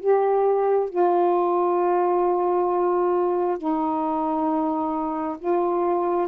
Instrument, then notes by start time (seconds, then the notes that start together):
saxophone
0.00 G4
0.90 F4
3.58 D#4
5.39 F4